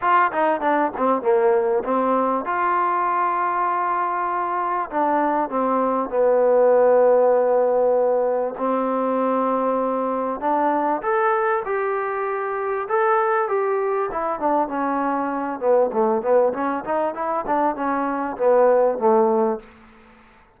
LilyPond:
\new Staff \with { instrumentName = "trombone" } { \time 4/4 \tempo 4 = 98 f'8 dis'8 d'8 c'8 ais4 c'4 | f'1 | d'4 c'4 b2~ | b2 c'2~ |
c'4 d'4 a'4 g'4~ | g'4 a'4 g'4 e'8 d'8 | cis'4. b8 a8 b8 cis'8 dis'8 | e'8 d'8 cis'4 b4 a4 | }